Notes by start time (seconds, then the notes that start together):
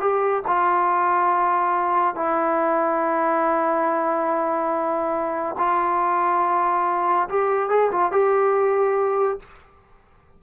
0.00 G4
0.47 F4
2.15 E4
5.58 F4
7.29 G4
7.70 G#4
7.91 F4
8.12 G4